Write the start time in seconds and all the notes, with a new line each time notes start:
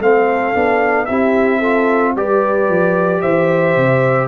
0.00 A3 C4 A4 F5
0.54 B3 D4
1.06 C4 E4 G4 E5
1.59 F4 A4
2.16 G3 G4 B4 D5
2.69 F3
3.21 E3 C5 E5
3.77 C3